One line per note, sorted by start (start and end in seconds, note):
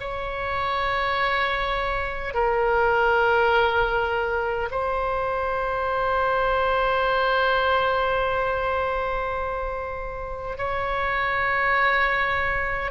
0.00 2.34 C#5
2.34 4.69 A#4
4.71 10.57 C5
10.57 12.91 C#5